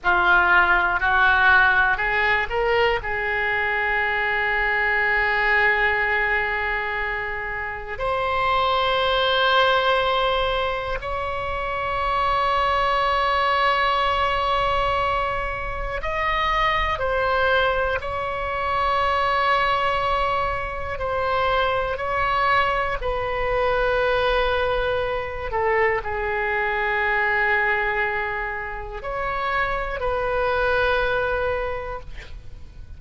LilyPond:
\new Staff \with { instrumentName = "oboe" } { \time 4/4 \tempo 4 = 60 f'4 fis'4 gis'8 ais'8 gis'4~ | gis'1 | c''2. cis''4~ | cis''1 |
dis''4 c''4 cis''2~ | cis''4 c''4 cis''4 b'4~ | b'4. a'8 gis'2~ | gis'4 cis''4 b'2 | }